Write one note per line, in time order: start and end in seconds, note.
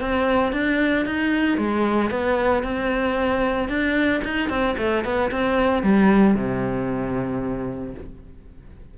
0.00 0.52 C4
0.52 1.05 D4
1.05 1.57 D#4
1.57 2.10 G#3
2.10 2.63 B3
2.63 3.68 C4
3.68 4.21 D4
4.24 4.49 D#4
4.49 4.75 C4
4.77 5.04 A3
5.04 5.30 B3
5.31 5.82 C4
5.82 6.35 G3
6.35 7.94 C3